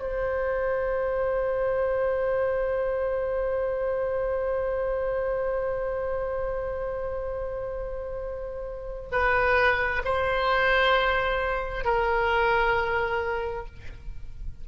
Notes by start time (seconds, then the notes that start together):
0.00 C5
9.12 B4
10.05 C5
11.84 A#4